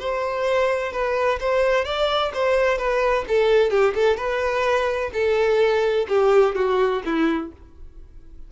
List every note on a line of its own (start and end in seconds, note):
0.00 0.93 C5
0.93 1.40 B4
1.40 1.85 C5
1.85 2.32 D5
2.34 2.78 C5
2.78 3.25 B4
3.28 3.71 A4
3.71 3.94 G4
3.95 4.17 A4
4.17 5.11 B4
5.13 6.07 A4
6.09 6.56 G4
6.56 7.02 F#4
7.05 7.52 E4